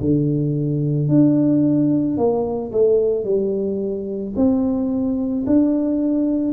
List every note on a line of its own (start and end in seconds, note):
0.00 1.08 D3
1.08 2.17 D4
2.17 2.71 A#3
2.72 3.24 A3
3.24 4.33 G3
4.35 5.44 C4
5.46 6.53 D4